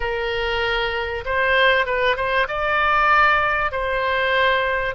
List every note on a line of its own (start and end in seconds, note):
0.00 1.24 A#4
1.25 1.86 C5
1.86 2.16 B4
2.16 2.47 C5
2.47 3.71 D5
3.71 4.94 C5